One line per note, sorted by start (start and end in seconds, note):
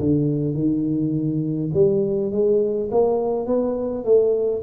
0.00 0.55 D3
0.55 1.71 D#3
1.74 2.32 G3
2.32 2.90 G#3
2.92 3.47 A#3
3.47 4.05 B3
4.05 4.63 A3